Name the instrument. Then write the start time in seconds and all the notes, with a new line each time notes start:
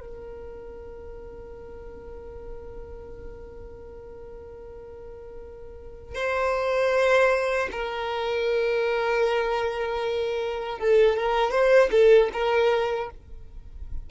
violin
0.00 A#4
6.15 C5
7.71 A#4
10.79 A4
11.16 A#4
11.51 C5
11.91 A4
12.33 A#4